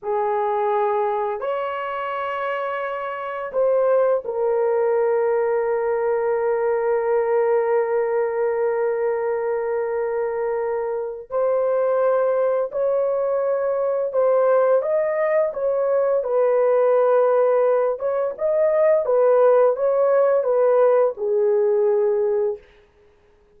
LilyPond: \new Staff \with { instrumentName = "horn" } { \time 4/4 \tempo 4 = 85 gis'2 cis''2~ | cis''4 c''4 ais'2~ | ais'1~ | ais'1 |
c''2 cis''2 | c''4 dis''4 cis''4 b'4~ | b'4. cis''8 dis''4 b'4 | cis''4 b'4 gis'2 | }